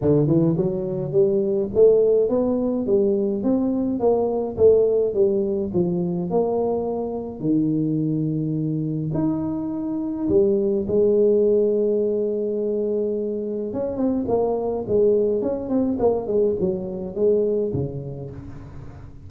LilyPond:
\new Staff \with { instrumentName = "tuba" } { \time 4/4 \tempo 4 = 105 d8 e8 fis4 g4 a4 | b4 g4 c'4 ais4 | a4 g4 f4 ais4~ | ais4 dis2. |
dis'2 g4 gis4~ | gis1 | cis'8 c'8 ais4 gis4 cis'8 c'8 | ais8 gis8 fis4 gis4 cis4 | }